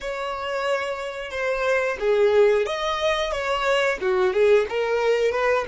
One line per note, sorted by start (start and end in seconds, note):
0.00 1.31 C#5
1.31 1.97 C5
1.99 2.65 G#4
2.65 3.32 D#5
3.32 3.98 C#5
4.01 4.33 F#4
4.33 4.66 G#4
4.69 5.32 A#4
5.32 5.65 B4